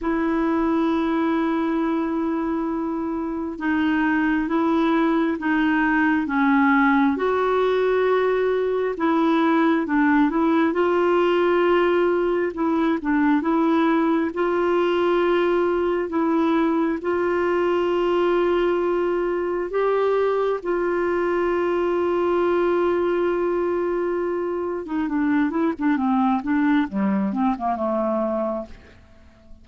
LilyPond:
\new Staff \with { instrumentName = "clarinet" } { \time 4/4 \tempo 4 = 67 e'1 | dis'4 e'4 dis'4 cis'4 | fis'2 e'4 d'8 e'8 | f'2 e'8 d'8 e'4 |
f'2 e'4 f'4~ | f'2 g'4 f'4~ | f'2.~ f'8. dis'16 | d'8 e'16 d'16 c'8 d'8 g8 c'16 ais16 a4 | }